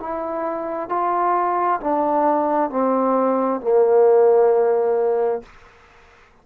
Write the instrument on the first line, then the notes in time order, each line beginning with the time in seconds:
trombone
0.00 E4
0.89 F4
1.81 D4
2.70 C4
3.61 A#3